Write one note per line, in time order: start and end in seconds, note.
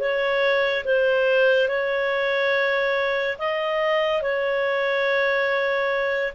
0.00 0.85 C#5
0.85 1.69 C5
1.69 3.38 C#5
3.39 4.22 D#5
4.22 6.33 C#5